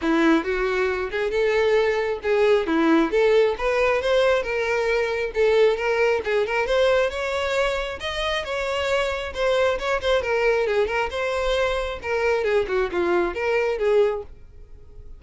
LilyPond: \new Staff \with { instrumentName = "violin" } { \time 4/4 \tempo 4 = 135 e'4 fis'4. gis'8 a'4~ | a'4 gis'4 e'4 a'4 | b'4 c''4 ais'2 | a'4 ais'4 gis'8 ais'8 c''4 |
cis''2 dis''4 cis''4~ | cis''4 c''4 cis''8 c''8 ais'4 | gis'8 ais'8 c''2 ais'4 | gis'8 fis'8 f'4 ais'4 gis'4 | }